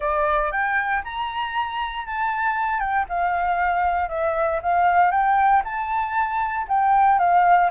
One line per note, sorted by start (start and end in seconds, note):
0.00 0.51 D5
0.51 1.02 G5
1.04 2.06 A#5
2.06 2.79 A5
2.79 3.05 G5
3.08 4.09 F5
4.09 4.60 E5
4.62 5.11 F5
5.11 5.62 G5
5.64 6.66 A5
6.67 7.19 G5
7.19 7.70 F5